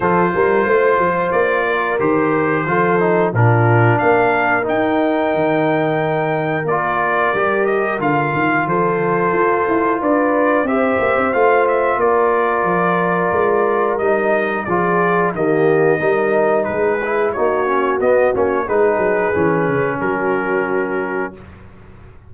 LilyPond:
<<
  \new Staff \with { instrumentName = "trumpet" } { \time 4/4 \tempo 4 = 90 c''2 d''4 c''4~ | c''4 ais'4 f''4 g''4~ | g''2 d''4. dis''8 | f''4 c''2 d''4 |
e''4 f''8 e''8 d''2~ | d''4 dis''4 d''4 dis''4~ | dis''4 b'4 cis''4 dis''8 cis''8 | b'2 ais'2 | }
  \new Staff \with { instrumentName = "horn" } { \time 4/4 a'8 ais'8 c''4. ais'4. | a'4 f'4 ais'2~ | ais'1~ | ais'4 a'2 b'4 |
c''2 ais'2~ | ais'2 gis'4 g'4 | ais'4 gis'4 fis'2 | gis'2 fis'2 | }
  \new Staff \with { instrumentName = "trombone" } { \time 4/4 f'2. g'4 | f'8 dis'8 d'2 dis'4~ | dis'2 f'4 g'4 | f'1 |
g'4 f'2.~ | f'4 dis'4 f'4 ais4 | dis'4. e'8 dis'8 cis'8 b8 cis'8 | dis'4 cis'2. | }
  \new Staff \with { instrumentName = "tuba" } { \time 4/4 f8 g8 a8 f8 ais4 dis4 | f4 ais,4 ais4 dis'4 | dis2 ais4 g4 | d8 dis8 f4 f'8 e'8 d'4 |
c'8 ais16 c'16 a4 ais4 f4 | gis4 g4 f4 dis4 | g4 gis4 ais4 b8 ais8 | gis8 fis8 e8 cis8 fis2 | }
>>